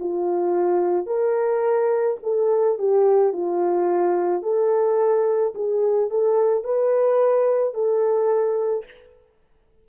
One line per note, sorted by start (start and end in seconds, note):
0.00 1.07 F4
1.07 2.18 A#4
2.23 2.79 A4
2.79 3.33 G4
3.33 4.43 F4
4.43 5.54 A4
5.55 6.11 G#4
6.11 6.65 A4
6.65 7.74 B4
7.74 8.85 A4